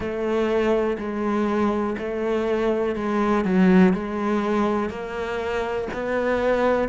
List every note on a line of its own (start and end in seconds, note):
0.00 0.97 A3
0.97 1.96 G#3
1.98 2.95 A3
2.95 3.44 G#3
3.44 3.93 F#3
3.93 4.89 G#3
4.89 5.87 A#3
5.93 6.88 B3